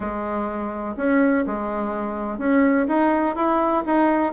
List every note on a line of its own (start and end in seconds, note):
0.00 0.95 G#3
0.96 1.44 C#4
1.46 2.38 G#3
2.38 2.86 C#4
2.88 3.35 D#4
3.35 3.83 E4
3.86 4.32 D#4